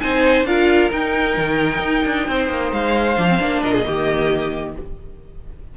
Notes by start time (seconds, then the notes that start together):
0.00 C4 D#4 C5 G#5
0.44 D4 F4 A#4 F5
0.91 D#4 G5
1.37 D#3
1.79 D#4
2.05 D4
2.28 C4 C5
2.50 A#3
2.72 G#3 F5
3.17 F3 D4
3.28 C4
3.39 A#3 D4
3.63 A#2 A#4 D#5
3.73 G#4
3.84 D#3 A#3 G4